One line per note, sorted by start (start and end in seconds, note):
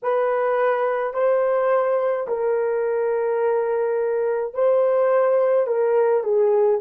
0.02 1.13 B4
1.13 2.26 C5
2.27 4.53 A#4
4.54 5.67 C5
5.67 6.23 A#4
6.23 6.80 G#4